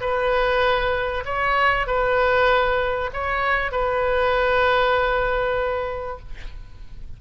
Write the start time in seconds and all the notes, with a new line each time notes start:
0.00 B4
1.25 C#5
1.86 B4
3.13 C#5
3.71 B4